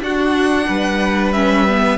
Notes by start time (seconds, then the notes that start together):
0.00 D4 F#4 F#5
0.66 G3 B4
1.32 C#4 E5
1.68 B3